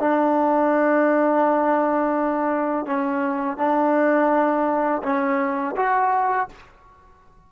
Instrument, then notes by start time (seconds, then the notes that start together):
trombone
0.00 D4
2.87 C#4
3.58 D4
5.03 C#4
5.77 F#4